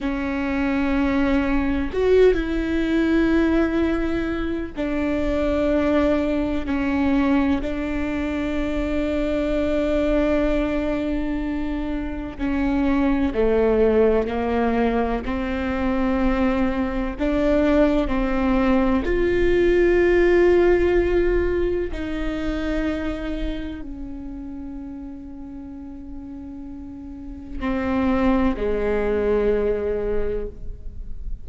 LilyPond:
\new Staff \with { instrumentName = "viola" } { \time 4/4 \tempo 4 = 63 cis'2 fis'8 e'4.~ | e'4 d'2 cis'4 | d'1~ | d'4 cis'4 a4 ais4 |
c'2 d'4 c'4 | f'2. dis'4~ | dis'4 cis'2.~ | cis'4 c'4 gis2 | }